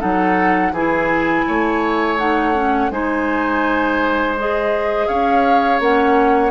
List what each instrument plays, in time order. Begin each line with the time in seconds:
0.00 bassoon F#3, clarinet D#4, oboe A4, flute F#5
0.72 bassoon E3, clarinet E4, oboe G#4, flute G#5
1.48 bassoon A3, oboe C#5
2.19 clarinet D#4, flute F#5
2.55 clarinet C#4
2.91 bassoon G#3, clarinet D#4, oboe C5, flute G#5
4.38 clarinet G#4, flute D#5
5.08 bassoon C#4, oboe C#5, flute F5
5.80 bassoon A#3, clarinet C#4, flute F#5